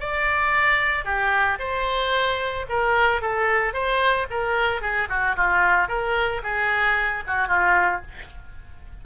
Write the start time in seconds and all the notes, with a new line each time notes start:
0.00 D5
1.05 G4
1.59 C5
2.69 A#4
3.22 A4
3.73 C5
4.31 A#4
4.81 G#4
5.09 F#4
5.36 F4
5.89 A#4
6.43 G#4
7.27 F#4
7.48 F4